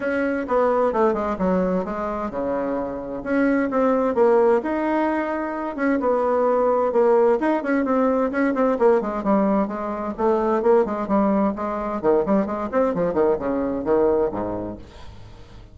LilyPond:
\new Staff \with { instrumentName = "bassoon" } { \time 4/4 \tempo 4 = 130 cis'4 b4 a8 gis8 fis4 | gis4 cis2 cis'4 | c'4 ais4 dis'2~ | dis'8 cis'8 b2 ais4 |
dis'8 cis'8 c'4 cis'8 c'8 ais8 gis8 | g4 gis4 a4 ais8 gis8 | g4 gis4 dis8 g8 gis8 c'8 | f8 dis8 cis4 dis4 gis,4 | }